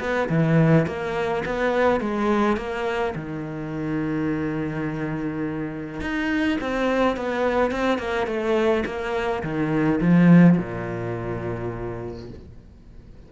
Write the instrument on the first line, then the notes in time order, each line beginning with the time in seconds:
cello
0.00 B3
0.29 E3
0.86 A#3
1.45 B3
2.01 G#3
2.57 A#3
3.16 D#3
6.01 D#4
6.61 C4
7.16 B3
7.71 C4
7.98 A#3
8.27 A3
8.86 A#3
9.43 D#3
10.01 F3
10.58 A#2